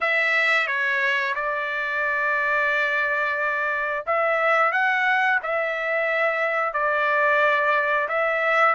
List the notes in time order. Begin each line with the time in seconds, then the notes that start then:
0.01 E5
0.67 C#5
1.35 D5
4.06 E5
4.72 F#5
5.42 E5
6.73 D5
8.08 E5